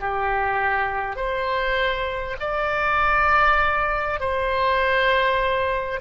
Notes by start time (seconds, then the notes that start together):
0.00 G4
1.16 C5
2.39 D5
4.19 C5